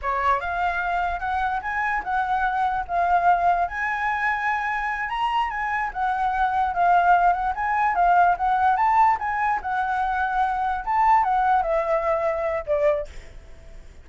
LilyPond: \new Staff \with { instrumentName = "flute" } { \time 4/4 \tempo 4 = 147 cis''4 f''2 fis''4 | gis''4 fis''2 f''4~ | f''4 gis''2.~ | gis''8 ais''4 gis''4 fis''4.~ |
fis''8 f''4. fis''8 gis''4 f''8~ | f''8 fis''4 a''4 gis''4 fis''8~ | fis''2~ fis''8 a''4 fis''8~ | fis''8 e''2~ e''8 d''4 | }